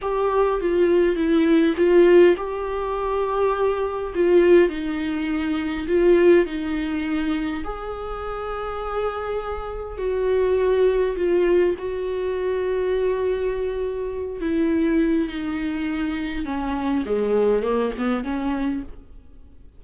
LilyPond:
\new Staff \with { instrumentName = "viola" } { \time 4/4 \tempo 4 = 102 g'4 f'4 e'4 f'4 | g'2. f'4 | dis'2 f'4 dis'4~ | dis'4 gis'2.~ |
gis'4 fis'2 f'4 | fis'1~ | fis'8 e'4. dis'2 | cis'4 gis4 ais8 b8 cis'4 | }